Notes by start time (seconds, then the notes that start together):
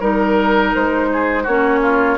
0.00 G3 D#4 A#4
0.75 G#3 C5
1.13 G#4
1.43 A#3 C#4 F#4 C#5
1.83 F4